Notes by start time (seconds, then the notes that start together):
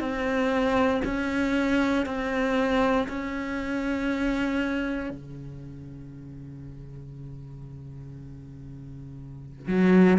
0.00 C4
1.05 C#4
2.06 C4
3.08 C#4
5.10 C#3
9.68 F#3